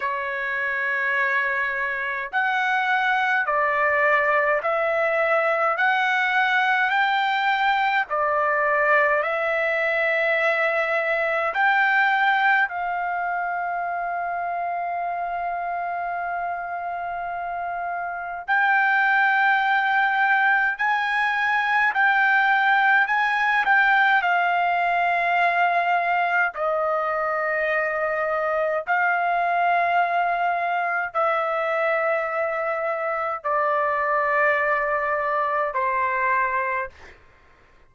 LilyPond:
\new Staff \with { instrumentName = "trumpet" } { \time 4/4 \tempo 4 = 52 cis''2 fis''4 d''4 | e''4 fis''4 g''4 d''4 | e''2 g''4 f''4~ | f''1 |
g''2 gis''4 g''4 | gis''8 g''8 f''2 dis''4~ | dis''4 f''2 e''4~ | e''4 d''2 c''4 | }